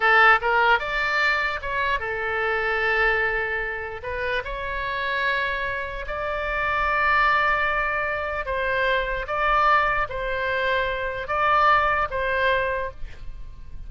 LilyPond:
\new Staff \with { instrumentName = "oboe" } { \time 4/4 \tempo 4 = 149 a'4 ais'4 d''2 | cis''4 a'2.~ | a'2 b'4 cis''4~ | cis''2. d''4~ |
d''1~ | d''4 c''2 d''4~ | d''4 c''2. | d''2 c''2 | }